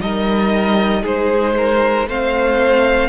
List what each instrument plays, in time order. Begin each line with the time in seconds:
0.00 cello G3, viola D#4, violin A#4 D#5
1.02 cello G#3, violin G#4 C5
1.56 violin A#4
2.07 cello A3, viola C4, violin C5 F5